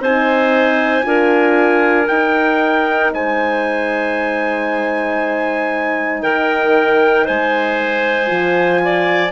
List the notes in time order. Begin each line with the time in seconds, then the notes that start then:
0.00 C4 D#4 C5 G#5
1.03 D4 F4 A#4
2.08 D#4 G5
3.13 G#3 C5 G#5
6.23 D#3 A#4 G5
7.25 G#3 C5 G#5
8.27 F3 F4
8.85 D5